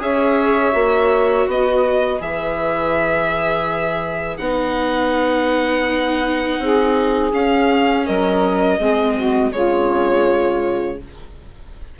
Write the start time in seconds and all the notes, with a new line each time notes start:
0.00 C#4 G#4 C#5 E5
0.73 A#3 F#4
1.47 B3 B4 D#5
2.20 E3 G#4 E5
4.37 B3 D#4 F#5
6.59 C4 G#4
7.33 C#4 F5
8.06 F#3 A#4 D#5
8.79 G#3 C4 G#4
9.16 F#4
9.52 C#3 G#3 F4 C#5